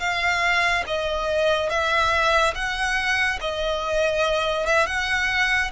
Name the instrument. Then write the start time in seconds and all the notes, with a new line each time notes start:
violin
0.00 F5
0.87 D#5
1.70 E5
2.55 F#5
3.41 D#5
4.67 E5
4.87 F#5